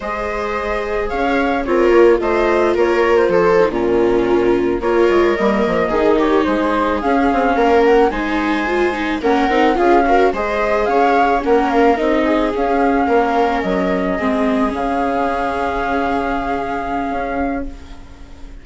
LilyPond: <<
  \new Staff \with { instrumentName = "flute" } { \time 4/4 \tempo 4 = 109 dis''2 f''4 cis''4 | dis''4 cis''8. c''4 ais'4~ ais'16~ | ais'8. cis''4 dis''4. cis''8 c''16~ | c''8. f''4. fis''8 gis''4~ gis''16~ |
gis''8. fis''4 f''4 dis''4 f''16~ | f''8. fis''8 f''8 dis''4 f''4~ f''16~ | f''8. dis''2 f''4~ f''16~ | f''1 | }
  \new Staff \with { instrumentName = "viola" } { \time 4/4 c''2 cis''4 f'4 | c''4 ais'4 a'8. f'4~ f'16~ | f'8. ais'2 gis'8 g'8 gis'16~ | gis'4.~ gis'16 ais'4 c''4~ c''16~ |
c''8. ais'4 gis'8 ais'8 c''4 cis''16~ | cis''8. ais'4. gis'4. ais'16~ | ais'4.~ ais'16 gis'2~ gis'16~ | gis'1 | }
  \new Staff \with { instrumentName = "viola" } { \time 4/4 gis'2. ais'4 | f'2~ f'8 dis'16 cis'4~ cis'16~ | cis'8. f'4 ais4 dis'4~ dis'16~ | dis'8. cis'2 dis'4 f'16~ |
f'16 dis'8 cis'8 dis'8 f'8 fis'8 gis'4~ gis'16~ | gis'8. cis'4 dis'4 cis'4~ cis'16~ | cis'4.~ cis'16 c'4 cis'4~ cis'16~ | cis'1 | }
  \new Staff \with { instrumentName = "bassoon" } { \time 4/4 gis2 cis'4 c'8 ais8 | a4 ais4 f8. ais,4~ ais,16~ | ais,8. ais8 gis8 g8 f8 dis4 gis16~ | gis8. cis'8 c'8 ais4 gis4~ gis16~ |
gis8. ais8 c'8 cis'4 gis4 cis'16~ | cis'8. ais4 c'4 cis'4 ais16~ | ais8. fis4 gis4 cis4~ cis16~ | cis2. cis'4 | }
>>